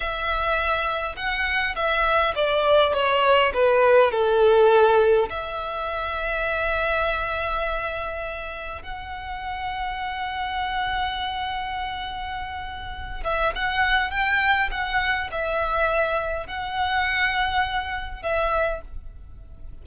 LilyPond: \new Staff \with { instrumentName = "violin" } { \time 4/4 \tempo 4 = 102 e''2 fis''4 e''4 | d''4 cis''4 b'4 a'4~ | a'4 e''2.~ | e''2. fis''4~ |
fis''1~ | fis''2~ fis''8 e''8 fis''4 | g''4 fis''4 e''2 | fis''2. e''4 | }